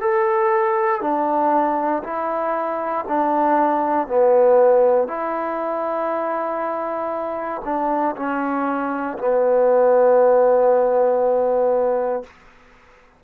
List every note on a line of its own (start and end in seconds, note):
0.00 1.01 A4
1.01 2.02 D4
2.03 3.05 E4
3.08 4.07 D4
4.07 5.07 B3
5.07 7.61 E4
7.64 8.15 D4
8.16 9.18 C#4
9.18 12.23 B3